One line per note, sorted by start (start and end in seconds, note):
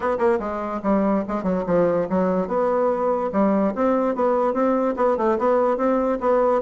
0.00 0.18 B3
0.18 0.39 A#3
0.39 0.81 G#3
0.83 1.24 G3
1.28 1.43 G#3
1.43 1.63 F#3
1.66 2.07 F3
2.09 2.47 F#3
2.47 3.30 B3
3.32 3.73 G3
3.75 4.15 C4
4.15 4.53 B3
4.53 4.94 C4
4.96 5.17 B3
5.17 5.37 A3
5.38 5.77 B3
5.77 6.18 C4
6.20 6.61 B3